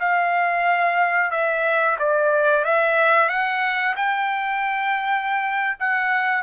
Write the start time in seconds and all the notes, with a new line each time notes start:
0.00 F5
1.32 E5
1.99 D5
2.65 E5
3.29 F#5
3.97 G5
5.80 F#5